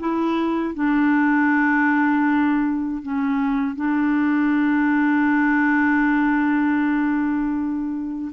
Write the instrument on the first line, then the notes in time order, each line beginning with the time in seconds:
clarinet
0.00 E4
0.75 D4
3.03 C#4
3.76 D4